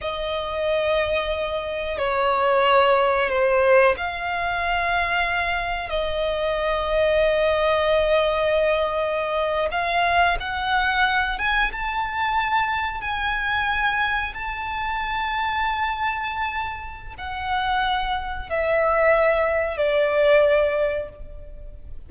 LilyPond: \new Staff \with { instrumentName = "violin" } { \time 4/4 \tempo 4 = 91 dis''2. cis''4~ | cis''4 c''4 f''2~ | f''4 dis''2.~ | dis''2~ dis''8. f''4 fis''16~ |
fis''4~ fis''16 gis''8 a''2 gis''16~ | gis''4.~ gis''16 a''2~ a''16~ | a''2 fis''2 | e''2 d''2 | }